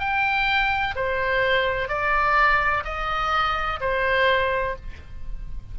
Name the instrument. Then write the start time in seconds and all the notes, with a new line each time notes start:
oboe
0.00 G5
0.96 C5
1.89 D5
2.85 D#5
3.81 C5